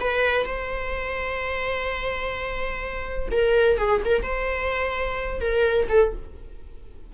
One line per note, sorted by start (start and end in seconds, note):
0.00 0.45 B4
0.45 3.29 C5
3.31 3.78 A#4
3.78 4.01 G#4
4.05 4.22 A#4
4.22 5.40 C5
5.40 5.88 A#4
5.89 6.12 A4